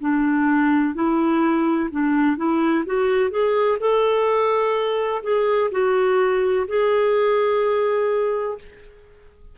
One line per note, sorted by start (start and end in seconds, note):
0.00 0.94 D4
0.94 1.90 E4
1.91 2.37 D4
2.37 2.84 E4
2.85 3.30 F#4
3.30 3.78 G#4
3.79 5.22 A4
5.23 5.70 G#4
5.71 6.66 F#4
6.68 8.58 G#4